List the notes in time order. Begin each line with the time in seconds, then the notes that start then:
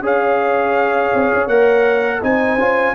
0.00 C#4 G#4 C#5
0.06 F5
1.14 C4
1.34 C#4
1.47 A#3 A#4 F#5
2.22 C4 D#4 C5 G#5
2.59 C#4 F4